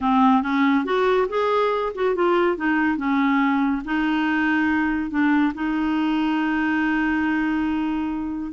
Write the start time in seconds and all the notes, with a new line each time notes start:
0.01 C4
0.42 C#4
0.85 F#4
1.28 G#4
1.94 F#4
2.15 F4
2.56 D#4
2.97 C#4
3.85 D#4
5.10 D4
5.54 D#4